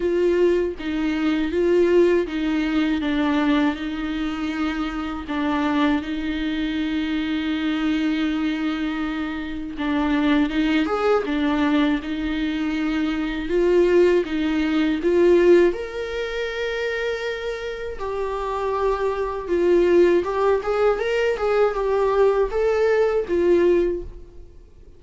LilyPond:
\new Staff \with { instrumentName = "viola" } { \time 4/4 \tempo 4 = 80 f'4 dis'4 f'4 dis'4 | d'4 dis'2 d'4 | dis'1~ | dis'4 d'4 dis'8 gis'8 d'4 |
dis'2 f'4 dis'4 | f'4 ais'2. | g'2 f'4 g'8 gis'8 | ais'8 gis'8 g'4 a'4 f'4 | }